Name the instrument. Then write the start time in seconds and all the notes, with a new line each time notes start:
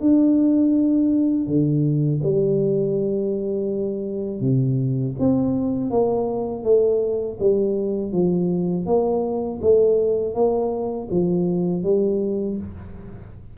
tuba
0.00 D4
1.46 D3
2.23 G3
4.40 C3
5.19 C4
5.90 A#3
6.63 A3
7.39 G3
8.12 F3
8.86 A#3
9.61 A3
10.34 A#3
11.10 F3
11.83 G3